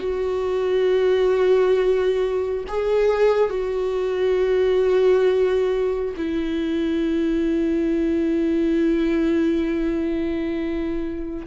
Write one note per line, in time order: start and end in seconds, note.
0.00 2.65 F#4
2.68 3.50 G#4
3.50 6.14 F#4
6.17 11.47 E4